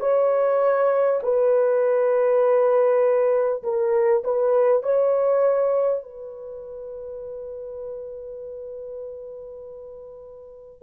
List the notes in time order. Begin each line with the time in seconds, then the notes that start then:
0.00 C#5
1.23 B4
3.64 A#4
4.24 B4
4.83 C#5
6.03 B4